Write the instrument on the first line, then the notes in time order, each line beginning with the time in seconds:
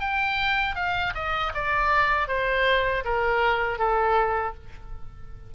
oboe
0.00 G5
0.76 F5
1.14 D#5
1.54 D5
2.28 C5
3.04 A#4
3.78 A4